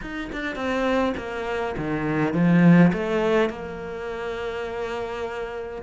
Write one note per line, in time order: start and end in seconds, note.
0.01 0.30 D#4
0.32 0.55 D4
0.55 1.13 C4
1.17 1.75 A#3
1.77 2.33 D#3
2.33 2.92 F3
2.92 3.49 A3
3.49 5.82 A#3